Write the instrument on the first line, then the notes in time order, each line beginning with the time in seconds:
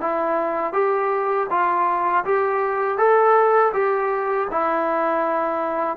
trombone
0.00 E4
0.73 G4
1.50 F4
2.24 G4
2.98 A4
3.73 G4
4.51 E4